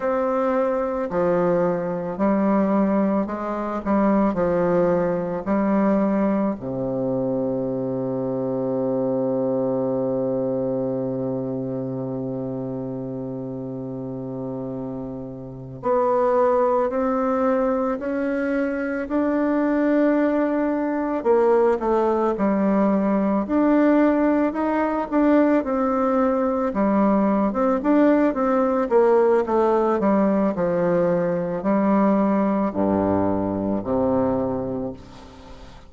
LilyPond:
\new Staff \with { instrumentName = "bassoon" } { \time 4/4 \tempo 4 = 55 c'4 f4 g4 gis8 g8 | f4 g4 c2~ | c1~ | c2~ c8 b4 c'8~ |
c'8 cis'4 d'2 ais8 | a8 g4 d'4 dis'8 d'8 c'8~ | c'8 g8. c'16 d'8 c'8 ais8 a8 g8 | f4 g4 g,4 c4 | }